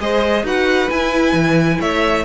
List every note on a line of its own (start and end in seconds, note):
0.00 0.43 G#3
0.00 0.44 G#4
0.00 0.45 C5
0.00 0.46 D#5
0.43 0.89 D#4
0.43 0.89 F#4
0.43 1.80 B4
0.43 0.90 F#5
0.89 2.26 E4
0.89 1.33 E4
0.89 1.81 G#5
1.33 1.79 E3
1.80 2.26 A3
1.80 2.26 C#5
1.80 2.26 E5